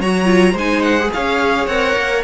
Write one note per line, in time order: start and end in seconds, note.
0.00 0.54 F#3
0.00 0.25 F#4
0.00 0.53 C#5
0.00 0.58 A#5
0.25 0.54 F4
0.53 1.10 G#3
0.53 1.09 C5
0.53 0.83 G#5
0.60 1.00 D#4
0.83 1.11 F#5
1.00 1.70 G#4
1.14 1.67 C#4
1.14 2.25 C#5
1.14 1.67 F5
1.67 1.95 C4
1.67 2.25 A#4
1.67 2.23 F#5
1.96 2.24 A#3